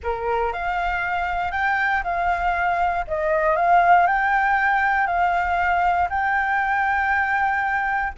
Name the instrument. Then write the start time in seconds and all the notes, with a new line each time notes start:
flute
0.03 A#4
0.52 F5
1.51 G5
2.03 F5
3.07 D#5
3.55 F5
4.07 G5
5.06 F5
6.09 G5